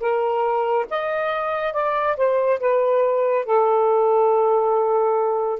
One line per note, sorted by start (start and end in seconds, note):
0.00 0.86 A#4
0.90 1.73 D#5
1.73 2.16 D5
2.17 2.59 C5
2.60 3.45 B4
3.45 5.59 A4